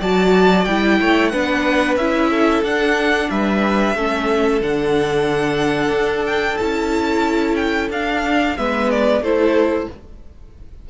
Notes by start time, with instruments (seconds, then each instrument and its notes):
0.00 cello F#3, viola F#4, violin D5 A5
0.65 cello G3, viola E4, violin G5
1.00 cello A3, violin C#5
1.29 cello B3, viola D4, violin B4 F#5
1.96 cello C#4, viola E4, violin E5
2.30 violin A4
2.62 cello D4, viola D4, violin F#5
3.30 cello G3, violin B4 E5
3.95 cello A3, viola C#4, violin A4
4.61 cello D3, viola D4, violin F#5
5.91 cello D4
6.26 violin G5
6.57 cello C#4, viola E4, violin A5
7.55 violin G5
7.89 cello D4, viola D4, violin F5
8.57 cello G#3, viola B3, violin B4 E5
8.90 violin D5
9.21 cello A3, viola E4, violin A4 C5